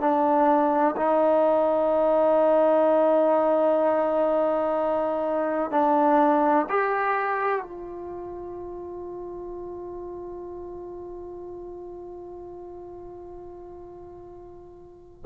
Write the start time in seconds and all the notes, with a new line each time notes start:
0.00 D4
0.96 D#4
5.71 D4
6.69 G4
7.62 F4